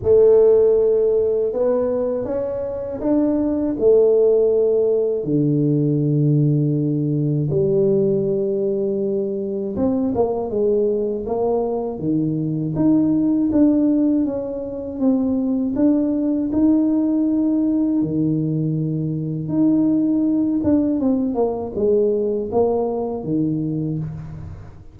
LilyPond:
\new Staff \with { instrumentName = "tuba" } { \time 4/4 \tempo 4 = 80 a2 b4 cis'4 | d'4 a2 d4~ | d2 g2~ | g4 c'8 ais8 gis4 ais4 |
dis4 dis'4 d'4 cis'4 | c'4 d'4 dis'2 | dis2 dis'4. d'8 | c'8 ais8 gis4 ais4 dis4 | }